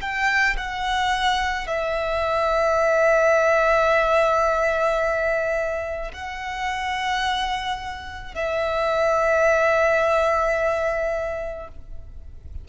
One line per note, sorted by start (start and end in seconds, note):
0.00 0.56 G5
0.57 1.67 F#5
1.67 6.11 E5
6.13 8.34 F#5
8.34 11.68 E5